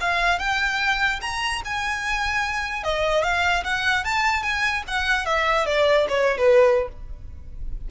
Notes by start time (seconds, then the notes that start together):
0.00 F5
0.39 G5
1.21 A#5
1.64 G#5
2.83 D#5
3.23 F5
3.64 F#5
4.04 A5
4.42 G#5
4.87 F#5
5.25 E5
5.66 D5
6.08 C#5
6.37 B4